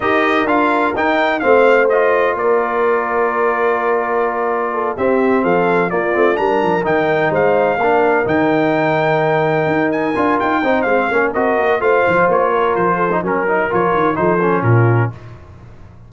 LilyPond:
<<
  \new Staff \with { instrumentName = "trumpet" } { \time 4/4 \tempo 4 = 127 dis''4 f''4 g''4 f''4 | dis''4 d''2.~ | d''2~ d''8 e''4 f''8~ | f''8 d''4 ais''4 g''4 f''8~ |
f''4. g''2~ g''8~ | g''4 gis''4 g''4 f''4 | dis''4 f''4 cis''4 c''4 | ais'4 cis''4 c''4 ais'4 | }
  \new Staff \with { instrumentName = "horn" } { \time 4/4 ais'2. c''4~ | c''4 ais'2.~ | ais'2 a'8 g'4 a'8~ | a'8 f'4 ais'2 c''8~ |
c''8 ais'2.~ ais'8~ | ais'2~ ais'8 c''4 ais'8~ | ais'4 c''4. ais'4 a'8 | ais'2 a'4 f'4 | }
  \new Staff \with { instrumentName = "trombone" } { \time 4/4 g'4 f'4 dis'4 c'4 | f'1~ | f'2~ f'8 c'4.~ | c'8 ais8 c'8 d'4 dis'4.~ |
dis'8 d'4 dis'2~ dis'8~ | dis'4. f'4 dis'8 c'8 cis'8 | fis'4 f'2~ f'8. dis'16 | cis'8 dis'8 f'4 dis'8 cis'4. | }
  \new Staff \with { instrumentName = "tuba" } { \time 4/4 dis'4 d'4 dis'4 a4~ | a4 ais2.~ | ais2~ ais8 c'4 f8~ | f8 ais8 a8 g8 f8 dis4 gis8~ |
gis8 ais4 dis2~ dis8~ | dis8 dis'4 d'8 dis'8 c'8 gis8 ais8 | c'8 ais8 a8 f8 ais4 f4 | fis4 f8 dis8 f4 ais,4 | }
>>